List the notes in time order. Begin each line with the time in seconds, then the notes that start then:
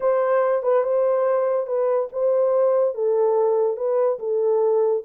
0.00 C5
0.62 B4
0.83 C5
1.66 B4
2.12 C5
2.94 A4
3.76 B4
4.19 A4